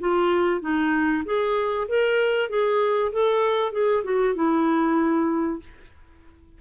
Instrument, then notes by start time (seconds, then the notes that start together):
clarinet
0.00 F4
0.61 D#4
1.25 G#4
1.88 A#4
2.49 G#4
3.12 A4
3.72 G#4
4.04 F#4
4.35 E4